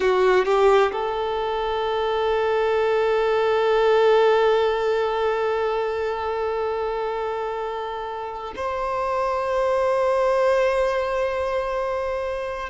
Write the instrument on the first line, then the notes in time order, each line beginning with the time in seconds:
violin
0.00 F#4
0.45 G4
0.92 A4
8.56 C5